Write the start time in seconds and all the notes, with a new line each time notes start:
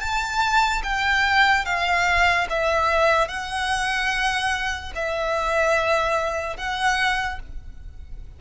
0.00 A5
0.83 G5
1.65 F5
2.50 E5
3.28 F#5
4.95 E5
6.57 F#5